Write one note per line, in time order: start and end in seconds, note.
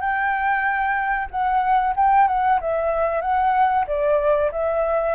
0.00 1.28 G5
1.31 1.94 F#5
1.96 2.27 G5
2.27 2.59 F#5
2.61 3.21 E5
3.21 3.85 F#5
3.87 4.51 D5
4.51 5.15 E5